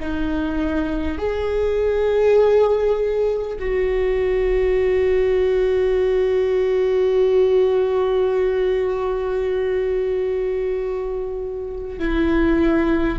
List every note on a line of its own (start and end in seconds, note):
0.00 1.19 D#4
1.19 3.59 G#4
3.59 11.99 F#4
12.00 13.19 E4